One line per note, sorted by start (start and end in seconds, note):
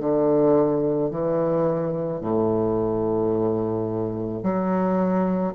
0.00 1.11 D3
1.11 2.21 E3
2.21 4.43 A2
4.43 5.55 F#3